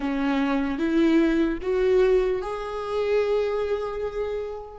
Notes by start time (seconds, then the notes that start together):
0.00 C#4
0.78 E4
1.61 F#4
2.41 G#4